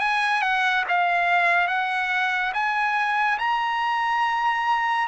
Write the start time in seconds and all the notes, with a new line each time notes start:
0.00 G#5
0.42 F#5
0.88 F5
1.68 F#5
2.54 G#5
3.38 A#5